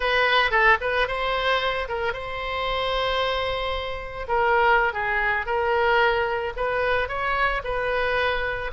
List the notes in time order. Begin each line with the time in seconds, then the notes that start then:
0.00 B4
0.51 A4
0.81 B4
1.07 C5
1.88 A#4
2.13 C5
4.28 A#4
4.93 G#4
5.45 A#4
6.56 B4
7.08 C#5
7.63 B4